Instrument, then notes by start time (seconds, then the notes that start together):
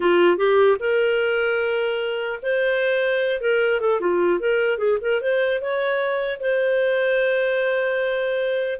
clarinet
0.00 F4
0.37 G4
0.79 A#4
2.42 C5
3.41 A#4
3.80 A4
4.00 F4
4.39 A#4
4.78 G#4
5.01 A#4
5.21 C5
5.61 C#5
6.40 C5